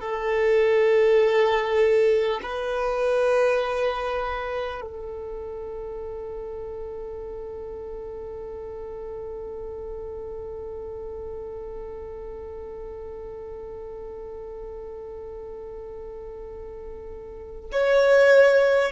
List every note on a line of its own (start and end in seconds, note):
0.00 2.40 A4
2.43 4.81 B4
4.81 17.71 A4
17.72 18.92 C#5